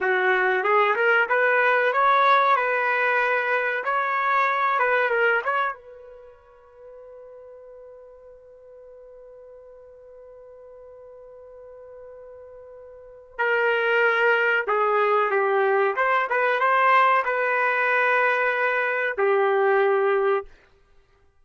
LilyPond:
\new Staff \with { instrumentName = "trumpet" } { \time 4/4 \tempo 4 = 94 fis'4 gis'8 ais'8 b'4 cis''4 | b'2 cis''4. b'8 | ais'8 cis''8 b'2.~ | b'1~ |
b'1~ | b'4 ais'2 gis'4 | g'4 c''8 b'8 c''4 b'4~ | b'2 g'2 | }